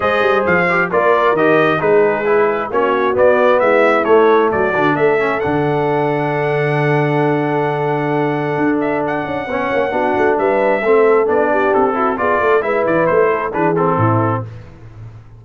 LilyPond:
<<
  \new Staff \with { instrumentName = "trumpet" } { \time 4/4 \tempo 4 = 133 dis''4 f''4 d''4 dis''4 | b'2 cis''4 d''4 | e''4 cis''4 d''4 e''4 | fis''1~ |
fis''2.~ fis''8 e''8 | fis''2. e''4~ | e''4 d''4 a'4 d''4 | e''8 d''8 c''4 b'8 a'4. | }
  \new Staff \with { instrumentName = "horn" } { \time 4/4 c''2 ais'2 | gis'2 fis'2 | e'2 fis'4 a'4~ | a'1~ |
a'1~ | a'4 cis''4 fis'4 b'4 | a'4. g'4 fis'8 gis'8 a'8 | b'4. a'8 gis'4 e'4 | }
  \new Staff \with { instrumentName = "trombone" } { \time 4/4 gis'4. g'8 f'4 g'4 | dis'4 e'4 cis'4 b4~ | b4 a4. d'4 cis'8 | d'1~ |
d'1~ | d'4 cis'4 d'2 | c'4 d'4. e'8 f'4 | e'2 d'8 c'4. | }
  \new Staff \with { instrumentName = "tuba" } { \time 4/4 gis8 g8 f4 ais4 dis4 | gis2 ais4 b4 | gis4 a4 fis8 d8 a4 | d1~ |
d2. d'4~ | d'8 cis'8 b8 ais8 b8 a8 g4 | a4 b4 c'4 b8 a8 | gis8 e8 a4 e4 a,4 | }
>>